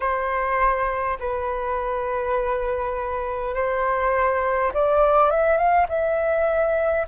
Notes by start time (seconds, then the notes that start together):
0.00 C5
1.19 B4
3.54 C5
4.73 D5
5.30 E5
5.57 F5
5.88 E5